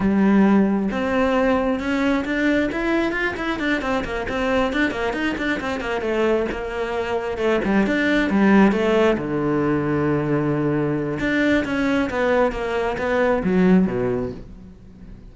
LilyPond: \new Staff \with { instrumentName = "cello" } { \time 4/4 \tempo 4 = 134 g2 c'2 | cis'4 d'4 e'4 f'8 e'8 | d'8 c'8 ais8 c'4 d'8 ais8 dis'8 | d'8 c'8 ais8 a4 ais4.~ |
ais8 a8 g8 d'4 g4 a8~ | a8 d2.~ d8~ | d4 d'4 cis'4 b4 | ais4 b4 fis4 b,4 | }